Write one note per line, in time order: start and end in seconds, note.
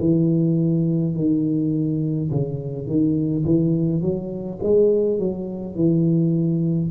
0.00 1.15 E3
1.15 2.31 D#3
2.31 2.87 C#3
2.87 3.45 D#3
3.45 4.02 E3
4.02 4.59 F#3
4.63 5.19 G#3
5.19 5.76 F#3
5.76 6.91 E3